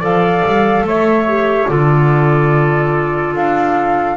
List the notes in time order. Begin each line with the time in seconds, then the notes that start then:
0.00 F3 A4 D5 F5
0.46 G3
0.82 A3 C#5 E5
1.27 G4
1.68 D3 F4 A4 D5
3.35 D4 F5